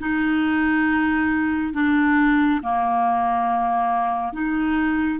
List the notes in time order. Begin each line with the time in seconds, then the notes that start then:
0.00 D#4
1.74 D4
2.63 A#3
4.33 D#4